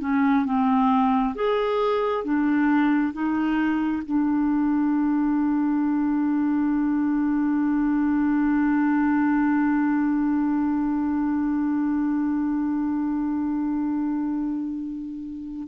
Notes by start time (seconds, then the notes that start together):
0.00 C#4
0.45 C4
1.35 G#4
2.24 D4
3.13 D#4
4.05 D4